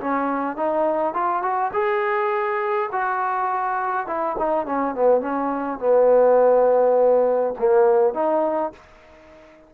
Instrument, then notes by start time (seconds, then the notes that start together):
trombone
0.00 C#4
0.56 D#4
1.14 F4
1.42 F#4
1.73 G#4
2.92 F#4
4.07 E4
4.38 D#4
4.66 C#4
4.95 B3
5.21 C#4
5.79 B3
7.59 A#3
8.14 D#4